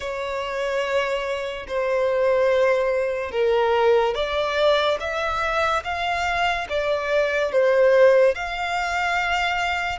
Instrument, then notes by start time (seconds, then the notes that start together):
violin
0.00 C#5
1.67 C5
3.31 A#4
4.14 D5
5.00 E5
5.83 F5
6.69 D5
7.52 C5
8.34 F5